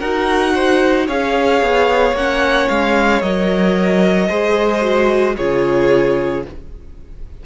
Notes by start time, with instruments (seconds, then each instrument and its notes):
0.00 cello D#4, viola F#4, violin A#4 F#5
0.55 violin C5
1.07 cello C#4, viola G#4, violin C#5 F5
1.62 cello B3
2.13 cello A#3, viola C#4, violin F#5
2.69 cello G#3, violin F5
3.22 cello F#3, viola A#4, violin D#5
4.29 cello G#3, viola G#4, violin C5
4.82 viola F#4
5.37 cello C#3, viola F4, violin G#4 C#5